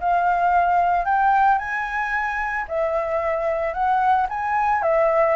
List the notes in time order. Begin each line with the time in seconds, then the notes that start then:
0.00 F5
1.05 G5
1.58 G#5
2.68 E5
3.73 F#5
4.29 G#5
4.82 E5